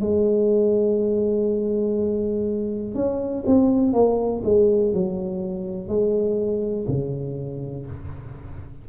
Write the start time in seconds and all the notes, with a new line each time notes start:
0.00 G#3
2.95 C#4
3.46 C4
3.93 A#3
4.44 G#3
4.94 F#3
5.88 G#3
6.88 C#3